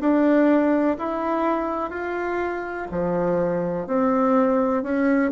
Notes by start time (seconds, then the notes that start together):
0.00 D4
0.98 E4
1.90 F4
2.91 F3
3.87 C4
4.83 C#4